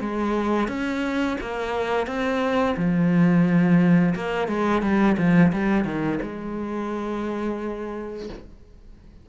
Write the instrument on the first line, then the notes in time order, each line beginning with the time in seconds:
cello
0.00 G#3
0.68 C#4
1.40 A#3
2.06 C4
2.76 F3
4.15 A#3
4.48 G#3
4.82 G3
5.17 F3
5.52 G3
5.84 D#3
6.22 G#3